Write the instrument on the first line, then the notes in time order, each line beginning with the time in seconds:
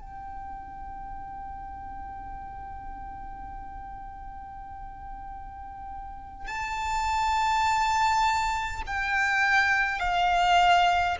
violin
0.00 G5
6.47 A5
8.86 G5
9.99 F5